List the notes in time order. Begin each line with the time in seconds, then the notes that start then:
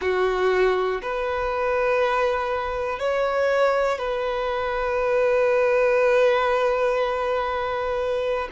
0.01 F#4
1.01 B4
2.99 C#5
3.98 B4